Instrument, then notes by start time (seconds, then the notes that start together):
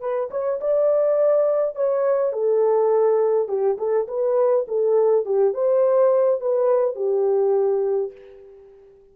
horn
0.00 B4
0.30 C#5
0.61 D5
1.75 C#5
2.32 A4
3.48 G4
3.78 A4
4.08 B4
4.68 A4
5.25 G4
5.54 C5
6.40 B4
6.95 G4